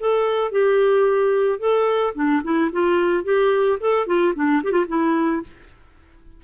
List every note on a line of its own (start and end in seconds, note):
0.00 0.52 A4
0.52 1.59 G4
1.59 2.14 A4
2.15 2.42 D4
2.44 2.71 E4
2.73 3.24 F4
3.24 3.79 G4
3.81 4.07 A4
4.07 4.34 F4
4.35 4.63 D4
4.64 4.72 G4
4.72 4.86 F4
4.88 5.43 E4